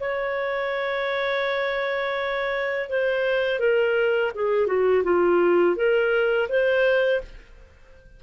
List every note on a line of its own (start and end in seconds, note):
0.00 2.89 C#5
2.89 3.59 C5
3.59 4.31 A#4
4.34 4.67 G#4
4.67 5.03 F#4
5.04 5.76 F4
5.76 6.48 A#4
6.49 7.21 C5